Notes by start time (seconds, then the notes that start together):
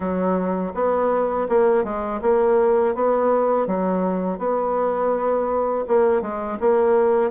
0.00 F#3
0.74 B3
1.48 A#3
1.84 G#3
2.21 A#3
2.94 B3
3.67 F#3
4.38 B3
5.87 A#3
6.21 G#3
6.60 A#3